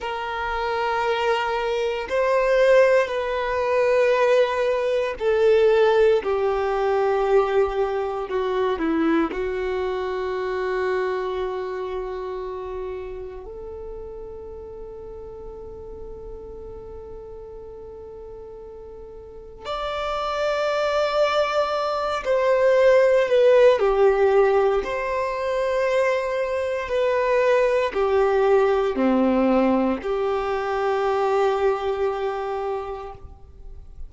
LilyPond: \new Staff \with { instrumentName = "violin" } { \time 4/4 \tempo 4 = 58 ais'2 c''4 b'4~ | b'4 a'4 g'2 | fis'8 e'8 fis'2.~ | fis'4 a'2.~ |
a'2. d''4~ | d''4. c''4 b'8 g'4 | c''2 b'4 g'4 | c'4 g'2. | }